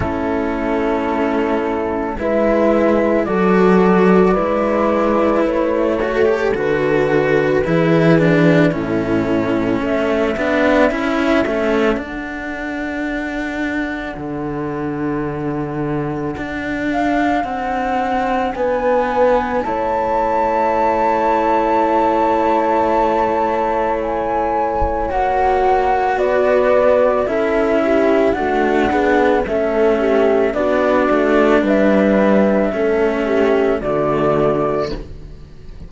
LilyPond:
<<
  \new Staff \with { instrumentName = "flute" } { \time 4/4 \tempo 4 = 55 a'2 e''4 d''4~ | d''4 cis''4 b'2 | a'4 e''2 fis''4~ | fis''2.~ fis''8 f''8 |
fis''4 gis''4 a''2~ | a''2 gis''4 fis''4 | d''4 e''4 fis''4 e''4 | d''4 e''2 d''4 | }
  \new Staff \with { instrumentName = "horn" } { \time 4/4 e'2 b'4 a'4 | b'4. a'4. gis'4 | e'4 a'2.~ | a'1~ |
a'4 b'4 cis''2~ | cis''1 | b'4 a'8 g'8 fis'8 gis'8 a'8 g'8 | fis'4 b'4 a'8 g'8 fis'4 | }
  \new Staff \with { instrumentName = "cello" } { \time 4/4 cis'2 e'4 fis'4 | e'4. fis'16 g'16 fis'4 e'8 d'8 | cis'4. d'8 e'8 cis'8 d'4~ | d'1~ |
d'2 e'2~ | e'2. fis'4~ | fis'4 e'4 a8 b8 cis'4 | d'2 cis'4 a4 | }
  \new Staff \with { instrumentName = "cello" } { \time 4/4 a2 gis4 fis4 | gis4 a4 d4 e4 | a,4 a8 b8 cis'8 a8 d'4~ | d'4 d2 d'4 |
c'4 b4 a2~ | a2. ais4 | b4 cis'4 d'4 a4 | b8 a8 g4 a4 d4 | }
>>